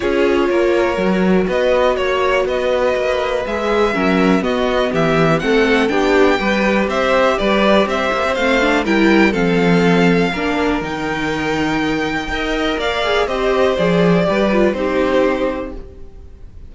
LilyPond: <<
  \new Staff \with { instrumentName = "violin" } { \time 4/4 \tempo 4 = 122 cis''2. dis''4 | cis''4 dis''2 e''4~ | e''4 dis''4 e''4 fis''4 | g''2 e''4 d''4 |
e''4 f''4 g''4 f''4~ | f''2 g''2~ | g''2 f''4 dis''4 | d''2 c''2 | }
  \new Staff \with { instrumentName = "violin" } { \time 4/4 gis'4 ais'2 b'4 | cis''4 b'2. | ais'4 fis'4 g'4 a'4 | g'4 b'4 c''4 b'4 |
c''2 ais'4 a'4~ | a'4 ais'2.~ | ais'4 dis''4 d''4 c''4~ | c''4 b'4 g'2 | }
  \new Staff \with { instrumentName = "viola" } { \time 4/4 f'2 fis'2~ | fis'2. gis'4 | cis'4 b2 c'4 | d'4 g'2.~ |
g'4 c'8 d'8 e'4 c'4~ | c'4 d'4 dis'2~ | dis'4 ais'4. gis'8 g'4 | gis'4 g'8 f'8 dis'2 | }
  \new Staff \with { instrumentName = "cello" } { \time 4/4 cis'4 ais4 fis4 b4 | ais4 b4 ais4 gis4 | fis4 b4 e4 a4 | b4 g4 c'4 g4 |
c'8 ais16 c'16 a4 g4 f4~ | f4 ais4 dis2~ | dis4 dis'4 ais4 c'4 | f4 g4 c'2 | }
>>